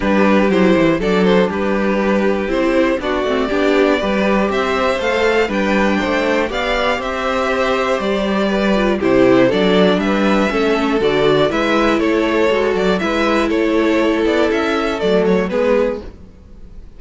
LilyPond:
<<
  \new Staff \with { instrumentName = "violin" } { \time 4/4 \tempo 4 = 120 b'4 c''4 d''8 c''8 b'4~ | b'4 c''4 d''2~ | d''4 e''4 f''4 g''4~ | g''4 f''4 e''2 |
d''2 c''4 d''4 | e''2 d''4 e''4 | cis''4. d''8 e''4 cis''4~ | cis''8 d''8 e''4 d''8 cis''8 b'4 | }
  \new Staff \with { instrumentName = "violin" } { \time 4/4 g'2 a'4 g'4~ | g'2 fis'4 g'4 | b'4 c''2 b'4 | c''4 d''4 c''2~ |
c''4 b'4 g'4 a'4 | b'4 a'2 b'4 | a'2 b'4 a'4~ | a'2. gis'4 | }
  \new Staff \with { instrumentName = "viola" } { \time 4/4 d'4 e'4 d'2~ | d'4 e'4 d'8 c'8 d'4 | g'2 a'4 d'4~ | d'4 g'2.~ |
g'4. f'8 e'4 d'4~ | d'4 cis'4 fis'4 e'4~ | e'4 fis'4 e'2~ | e'2 a4 b4 | }
  \new Staff \with { instrumentName = "cello" } { \time 4/4 g4 fis8 e8 fis4 g4~ | g4 c'4 b8 a8 b4 | g4 c'4 a4 g4 | a4 b4 c'2 |
g2 c4 fis4 | g4 a4 d4 gis4 | a4 gis8 fis8 gis4 a4~ | a8 b8 cis'4 fis4 gis4 | }
>>